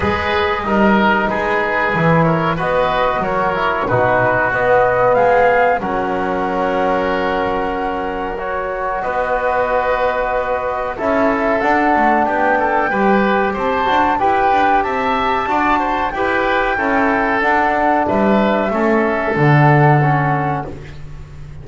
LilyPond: <<
  \new Staff \with { instrumentName = "flute" } { \time 4/4 \tempo 4 = 93 dis''2 b'4. cis''8 | dis''4 cis''4 b'4 dis''4 | f''4 fis''2.~ | fis''4 cis''4 dis''2~ |
dis''4 e''4 fis''4 g''4~ | g''4 a''4 g''4 a''4~ | a''4 g''2 fis''4 | e''2 fis''2 | }
  \new Staff \with { instrumentName = "oboe" } { \time 4/4 b'4 ais'4 gis'4. ais'8 | b'4 ais'4 fis'2 | gis'4 ais'2.~ | ais'2 b'2~ |
b'4 a'2 g'8 a'8 | b'4 c''4 b'4 e''4 | d''8 c''8 b'4 a'2 | b'4 a'2. | }
  \new Staff \with { instrumentName = "trombone" } { \time 4/4 gis'4 dis'2 e'4 | fis'4. e'8 dis'4 b4~ | b4 cis'2.~ | cis'4 fis'2.~ |
fis'4 e'4 d'2 | g'4. fis'8 g'2 | fis'4 g'4 e'4 d'4~ | d'4 cis'4 d'4 cis'4 | }
  \new Staff \with { instrumentName = "double bass" } { \time 4/4 gis4 g4 gis4 e4 | b4 fis4 b,4 b4 | gis4 fis2.~ | fis2 b2~ |
b4 cis'4 d'8 a8 b4 | g4 c'8 d'8 e'8 d'8 c'4 | d'4 e'4 cis'4 d'4 | g4 a4 d2 | }
>>